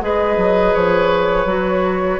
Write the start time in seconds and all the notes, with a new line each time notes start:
0.00 G#3 G#4 B4 D#5
0.36 F#3
0.74 F3 C#5
1.45 F#3 F#4